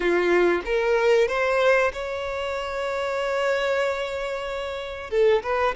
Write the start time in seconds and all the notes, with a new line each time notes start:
0.00 F4
0.65 A#4
1.28 C5
1.93 C#5
5.10 A4
5.43 B4